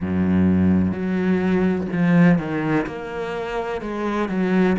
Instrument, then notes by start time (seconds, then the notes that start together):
cello
0.00 F#2
0.92 F#3
1.92 F3
2.38 D#3
2.86 A#3
3.81 G#3
4.29 F#3